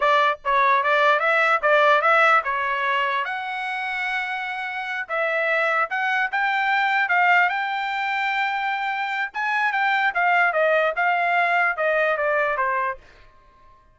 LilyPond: \new Staff \with { instrumentName = "trumpet" } { \time 4/4 \tempo 4 = 148 d''4 cis''4 d''4 e''4 | d''4 e''4 cis''2 | fis''1~ | fis''8 e''2 fis''4 g''8~ |
g''4. f''4 g''4.~ | g''2. gis''4 | g''4 f''4 dis''4 f''4~ | f''4 dis''4 d''4 c''4 | }